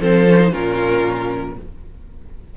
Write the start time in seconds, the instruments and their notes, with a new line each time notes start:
0.00 cello F3, viola C4, violin A4 C5
0.29 viola C#4
0.39 viola D#4
0.51 cello A#2, viola C#4, violin F4 A#4